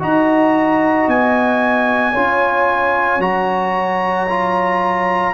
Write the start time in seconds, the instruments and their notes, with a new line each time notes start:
0.00 tuba D#4, trombone F#4, horn D#5, trumpet A#5
1.08 tuba B3, trumpet G#5
2.13 tuba C#4, trombone F4, horn C#5
3.19 tuba F#3, trombone F#4, trumpet A#5
4.30 trombone F4